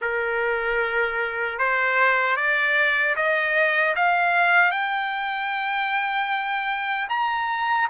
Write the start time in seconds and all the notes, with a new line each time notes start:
0.01 A#4
1.58 C5
2.36 D5
3.15 D#5
3.95 F5
4.71 G5
7.09 A#5